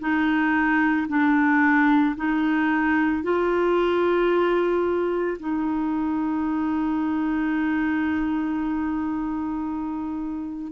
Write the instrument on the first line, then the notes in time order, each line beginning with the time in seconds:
clarinet
0.00 D#4
1.08 D4
2.16 D#4
3.23 F4
5.40 D#4